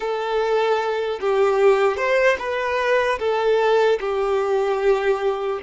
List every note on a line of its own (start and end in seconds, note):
0.00 1.19 A4
1.20 1.96 G4
1.96 2.36 C5
2.39 3.19 B4
3.19 3.99 A4
4.00 5.60 G4